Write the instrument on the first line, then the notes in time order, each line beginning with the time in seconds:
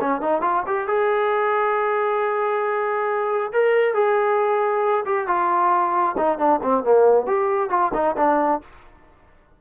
trombone
0.00 C#4
0.21 D#4
0.41 F4
0.67 G4
0.87 G#4
3.53 A#4
3.94 G#4
5.06 G4
5.27 F4
6.17 D#4
6.38 D4
6.63 C4
6.84 A#3
7.27 G4
7.70 F4
7.94 D#4
8.17 D4